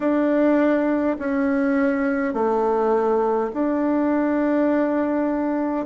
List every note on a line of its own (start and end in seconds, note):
0.00 1.17 D4
1.18 2.33 C#4
2.33 3.51 A3
3.53 5.86 D4